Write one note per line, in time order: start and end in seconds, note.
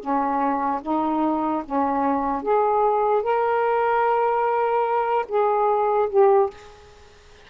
0.00 0.81 C#4
0.82 1.63 D#4
1.65 2.43 C#4
2.43 3.23 G#4
3.23 5.26 A#4
5.28 6.09 G#4
6.10 6.50 G4